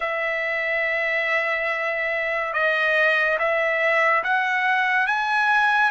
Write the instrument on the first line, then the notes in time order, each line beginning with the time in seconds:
trumpet
0.00 E5
2.53 D#5
3.38 E5
4.23 F#5
5.07 G#5